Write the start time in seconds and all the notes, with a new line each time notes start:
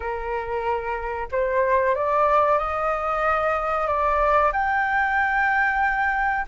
0.00 A#4
1.31 C5
1.95 D5
2.58 D#5
3.87 D5
4.52 G5